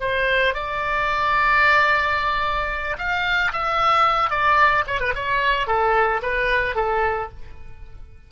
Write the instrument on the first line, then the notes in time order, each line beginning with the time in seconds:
oboe
0.00 C5
0.54 D5
2.98 F5
3.52 E5
4.30 D5
4.87 C#5
5.00 B4
5.15 C#5
5.67 A4
6.22 B4
6.75 A4